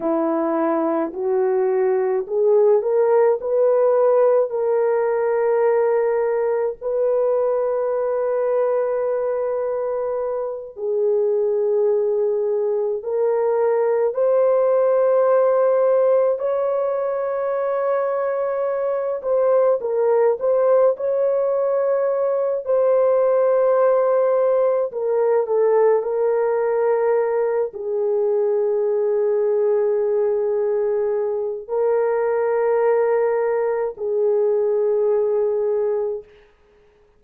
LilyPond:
\new Staff \with { instrumentName = "horn" } { \time 4/4 \tempo 4 = 53 e'4 fis'4 gis'8 ais'8 b'4 | ais'2 b'2~ | b'4. gis'2 ais'8~ | ais'8 c''2 cis''4.~ |
cis''4 c''8 ais'8 c''8 cis''4. | c''2 ais'8 a'8 ais'4~ | ais'8 gis'2.~ gis'8 | ais'2 gis'2 | }